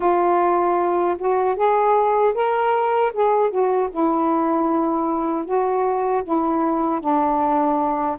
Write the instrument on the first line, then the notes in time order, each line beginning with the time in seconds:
saxophone
0.00 F4
1.18 F#4
1.55 G#4
2.34 A#4
3.13 G#4
3.50 F#4
3.90 E4
5.45 F#4
6.24 E4
7.00 D4